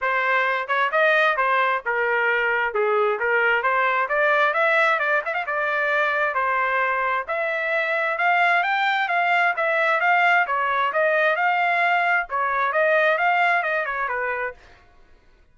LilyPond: \new Staff \with { instrumentName = "trumpet" } { \time 4/4 \tempo 4 = 132 c''4. cis''8 dis''4 c''4 | ais'2 gis'4 ais'4 | c''4 d''4 e''4 d''8 e''16 f''16 | d''2 c''2 |
e''2 f''4 g''4 | f''4 e''4 f''4 cis''4 | dis''4 f''2 cis''4 | dis''4 f''4 dis''8 cis''8 b'4 | }